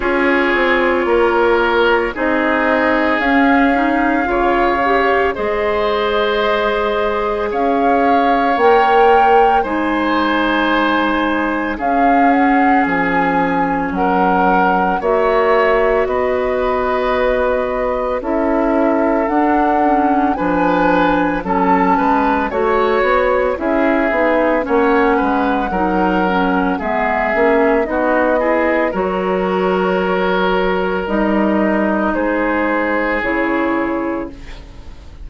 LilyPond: <<
  \new Staff \with { instrumentName = "flute" } { \time 4/4 \tempo 4 = 56 cis''2 dis''4 f''4~ | f''4 dis''2 f''4 | g''4 gis''2 f''8 fis''8 | gis''4 fis''4 e''4 dis''4~ |
dis''4 e''4 fis''4 gis''4 | a''4 cis''4 e''4 fis''4~ | fis''4 e''4 dis''4 cis''4~ | cis''4 dis''4 c''4 cis''4 | }
  \new Staff \with { instrumentName = "oboe" } { \time 4/4 gis'4 ais'4 gis'2 | cis''4 c''2 cis''4~ | cis''4 c''2 gis'4~ | gis'4 ais'4 cis''4 b'4~ |
b'4 a'2 b'4 | a'8 b'8 cis''4 gis'4 cis''8 b'8 | ais'4 gis'4 fis'8 gis'8 ais'4~ | ais'2 gis'2 | }
  \new Staff \with { instrumentName = "clarinet" } { \time 4/4 f'2 dis'4 cis'8 dis'8 | f'8 g'8 gis'2. | ais'4 dis'2 cis'4~ | cis'2 fis'2~ |
fis'4 e'4 d'8 cis'8 d'4 | cis'4 fis'4 e'8 dis'8 cis'4 | dis'8 cis'8 b8 cis'8 dis'8 e'8 fis'4~ | fis'4 dis'2 e'4 | }
  \new Staff \with { instrumentName = "bassoon" } { \time 4/4 cis'8 c'8 ais4 c'4 cis'4 | cis4 gis2 cis'4 | ais4 gis2 cis'4 | f4 fis4 ais4 b4~ |
b4 cis'4 d'4 f4 | fis8 gis8 a8 b8 cis'8 b8 ais8 gis8 | fis4 gis8 ais8 b4 fis4~ | fis4 g4 gis4 cis4 | }
>>